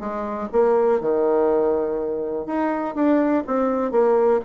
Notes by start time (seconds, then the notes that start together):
0.00 G#3
0.52 A#3
1.01 D#3
2.46 D#4
2.95 D4
3.47 C4
3.92 A#3